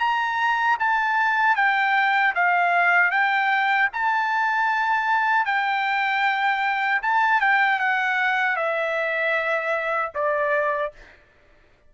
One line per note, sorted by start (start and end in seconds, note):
0.00 0.78 A#5
0.80 1.56 A5
1.56 2.34 G5
2.35 3.11 F5
3.11 3.89 G5
3.94 5.46 A5
5.46 7.02 G5
7.02 7.41 A5
7.41 7.80 G5
7.80 8.56 F#5
8.56 10.12 E5
10.15 10.93 D5